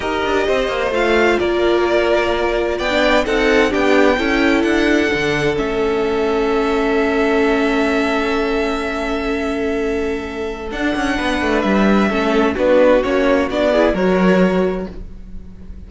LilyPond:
<<
  \new Staff \with { instrumentName = "violin" } { \time 4/4 \tempo 4 = 129 dis''2 f''4 d''4~ | d''2 g''4 fis''4 | g''2 fis''2 | e''1~ |
e''1~ | e''2. fis''4~ | fis''4 e''2 b'4 | cis''4 d''4 cis''2 | }
  \new Staff \with { instrumentName = "violin" } { \time 4/4 ais'4 c''2 ais'4~ | ais'2 d''4 a'4 | g'4 a'2.~ | a'1~ |
a'1~ | a'1 | b'2 a'4 fis'4~ | fis'4. gis'8 ais'2 | }
  \new Staff \with { instrumentName = "viola" } { \time 4/4 g'2 f'2~ | f'2~ f'16 d'8. dis'4 | d'4 e'2 d'4 | cis'1~ |
cis'1~ | cis'2. d'4~ | d'2 cis'4 d'4 | cis'4 d'8 e'8 fis'2 | }
  \new Staff \with { instrumentName = "cello" } { \time 4/4 dis'8 d'8 c'8 ais8 a4 ais4~ | ais2 b4 c'4 | b4 cis'4 d'4 d4 | a1~ |
a1~ | a2. d'8 cis'8 | b8 a8 g4 a4 b4 | ais4 b4 fis2 | }
>>